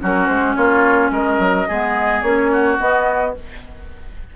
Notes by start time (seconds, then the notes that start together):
0.00 F#3 C#4 F#4 A#4
0.26 G#3 C5
0.55 A#3 F4 C#5
1.10 G#3 A#4 D#5
1.39 F#3
1.68 G#3 B3 G#4
2.21 A#3 C#4 C#5
2.52 F#4
2.78 B3 D#5